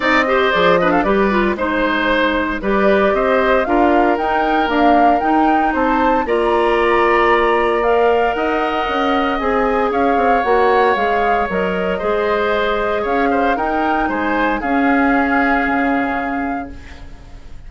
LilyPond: <<
  \new Staff \with { instrumentName = "flute" } { \time 4/4 \tempo 4 = 115 dis''4 d''8 dis''16 f''16 d''4 c''4~ | c''4 d''4 dis''4 f''4 | g''4 f''4 g''4 a''4 | ais''2. f''4 |
fis''2 gis''4 f''4 | fis''4 f''4 dis''2~ | dis''4 f''4 g''4 gis''4 | f''1 | }
  \new Staff \with { instrumentName = "oboe" } { \time 4/4 d''8 c''4 b'16 a'16 b'4 c''4~ | c''4 b'4 c''4 ais'4~ | ais'2. c''4 | d''1 |
dis''2. cis''4~ | cis''2. c''4~ | c''4 cis''8 c''8 ais'4 c''4 | gis'1 | }
  \new Staff \with { instrumentName = "clarinet" } { \time 4/4 dis'8 g'8 gis'8 d'8 g'8 f'8 dis'4~ | dis'4 g'2 f'4 | dis'4 ais4 dis'2 | f'2. ais'4~ |
ais'2 gis'2 | fis'4 gis'4 ais'4 gis'4~ | gis'2 dis'2 | cis'1 | }
  \new Staff \with { instrumentName = "bassoon" } { \time 4/4 c'4 f4 g4 gis4~ | gis4 g4 c'4 d'4 | dis'4 d'4 dis'4 c'4 | ais1 |
dis'4 cis'4 c'4 cis'8 c'8 | ais4 gis4 fis4 gis4~ | gis4 cis'4 dis'4 gis4 | cis'2 cis2 | }
>>